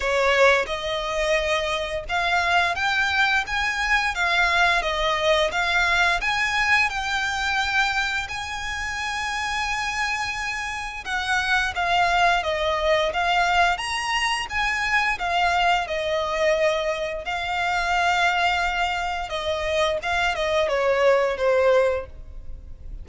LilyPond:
\new Staff \with { instrumentName = "violin" } { \time 4/4 \tempo 4 = 87 cis''4 dis''2 f''4 | g''4 gis''4 f''4 dis''4 | f''4 gis''4 g''2 | gis''1 |
fis''4 f''4 dis''4 f''4 | ais''4 gis''4 f''4 dis''4~ | dis''4 f''2. | dis''4 f''8 dis''8 cis''4 c''4 | }